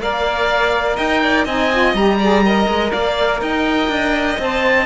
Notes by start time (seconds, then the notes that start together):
0.00 A#3 A#4 D5 F5
0.97 D#4 D#5 G5
1.23 D5
1.45 C4 D#4 D#5 G#5
1.72 F4
1.94 G3 G4 A#5
2.19 G#4 D5
2.45 A#4 D#5
2.68 G#3
2.92 A#3 D5 F5
3.41 D#4 D#5 G5
3.88 D4
4.39 C4 C5 A5